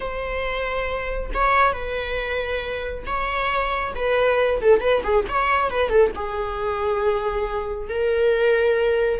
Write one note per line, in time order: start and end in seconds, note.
0.00 1.30 C5
1.34 1.73 C#5
1.73 3.04 B4
3.06 3.94 C#5
3.95 4.60 B4
4.61 4.80 A4
4.80 5.02 B4
5.03 5.25 G#4
5.28 5.70 C#5
5.70 5.89 B4
5.89 6.11 A4
6.15 7.89 G#4
7.89 9.20 A#4